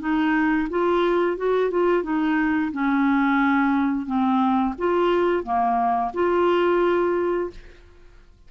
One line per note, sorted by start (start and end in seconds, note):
0.00 0.68 D#4
0.70 1.37 F4
1.37 1.71 F#4
1.71 2.03 F4
2.03 2.71 D#4
2.72 4.06 C#4
4.06 4.74 C4
4.79 5.43 F4
5.43 6.11 A#3
6.14 7.51 F4